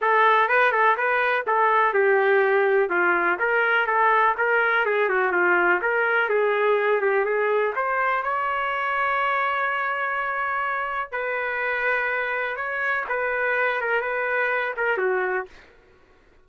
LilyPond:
\new Staff \with { instrumentName = "trumpet" } { \time 4/4 \tempo 4 = 124 a'4 b'8 a'8 b'4 a'4 | g'2 f'4 ais'4 | a'4 ais'4 gis'8 fis'8 f'4 | ais'4 gis'4. g'8 gis'4 |
c''4 cis''2.~ | cis''2. b'4~ | b'2 cis''4 b'4~ | b'8 ais'8 b'4. ais'8 fis'4 | }